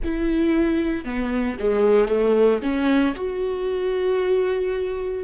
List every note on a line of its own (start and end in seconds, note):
0.03 1.04 E4
1.04 1.57 B3
1.59 2.08 G#3
2.08 2.60 A3
2.62 3.14 C#4
3.15 5.23 F#4